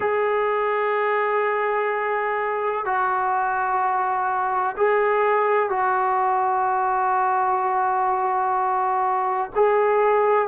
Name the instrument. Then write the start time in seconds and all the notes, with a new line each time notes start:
trombone
0.00 G#4
2.85 F#4
4.77 G#4
5.69 F#4
9.55 G#4